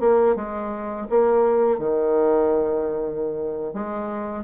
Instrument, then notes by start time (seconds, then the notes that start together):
bassoon
0.00 A#3
0.36 G#3
1.10 A#3
1.79 D#3
3.74 G#3